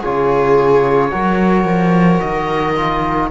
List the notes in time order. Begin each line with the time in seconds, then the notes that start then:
0.00 C#3 F4 G#4 C#5
1.10 F#3 F#4 A#4
1.64 F3
2.19 D#3 D#5
2.75 F4